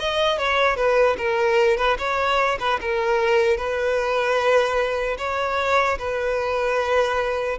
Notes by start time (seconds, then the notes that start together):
0.00 D#5
0.38 C#5
0.77 B4
1.18 A#4
1.77 B4
1.99 C#5
2.60 B4
2.81 A#4
3.57 B4
5.18 C#5
5.99 B4